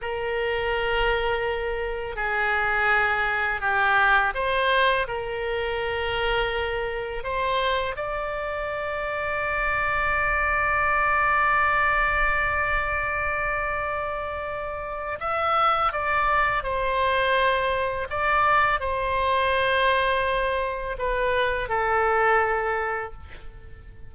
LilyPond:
\new Staff \with { instrumentName = "oboe" } { \time 4/4 \tempo 4 = 83 ais'2. gis'4~ | gis'4 g'4 c''4 ais'4~ | ais'2 c''4 d''4~ | d''1~ |
d''1~ | d''4 e''4 d''4 c''4~ | c''4 d''4 c''2~ | c''4 b'4 a'2 | }